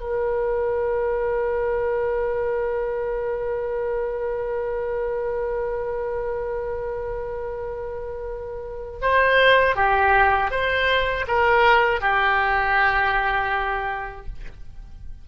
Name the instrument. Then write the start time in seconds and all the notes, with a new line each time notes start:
oboe
0.00 A#4
9.02 C5
9.76 G4
10.51 C5
11.28 A#4
12.01 G4